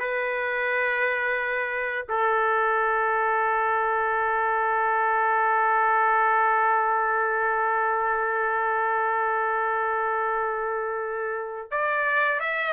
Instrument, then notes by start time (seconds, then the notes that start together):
trumpet
0.00 B4
2.09 A4
11.72 D5
12.40 E5